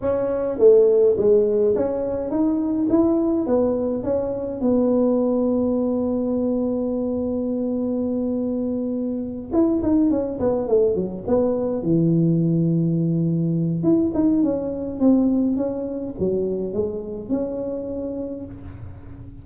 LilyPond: \new Staff \with { instrumentName = "tuba" } { \time 4/4 \tempo 4 = 104 cis'4 a4 gis4 cis'4 | dis'4 e'4 b4 cis'4 | b1~ | b1~ |
b8 e'8 dis'8 cis'8 b8 a8 fis8 b8~ | b8 e2.~ e8 | e'8 dis'8 cis'4 c'4 cis'4 | fis4 gis4 cis'2 | }